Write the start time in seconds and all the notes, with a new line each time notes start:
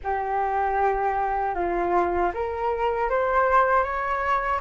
0.03 G4
1.54 F4
2.34 A#4
3.09 C5
3.83 C#5